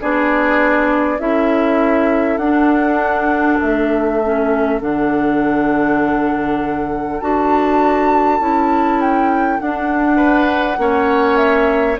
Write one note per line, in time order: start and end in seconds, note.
0.00 1.19 B3
0.00 1.19 D4
0.00 1.20 G#4
0.00 1.20 D5
1.19 2.37 C#4
1.19 2.39 E4
1.19 10.16 A4
1.19 2.37 E5
2.37 3.57 D4
2.37 4.22 D4
2.37 3.57 F#5
3.61 4.81 A3
3.61 4.81 E5
4.22 4.79 C#4
4.79 7.21 D3
4.79 7.20 D4
4.79 7.21 F#5
7.20 8.39 D4
7.20 8.39 F#4
7.20 9.01 A5
8.39 9.59 C#4
8.39 9.59 E4
9.01 9.60 G5
9.60 10.77 D4
9.60 10.78 D4
9.60 11.36 F#5
10.16 10.76 B4
10.77 11.98 A#3
10.77 11.97 C#4
10.77 11.99 C#5
11.36 11.96 E5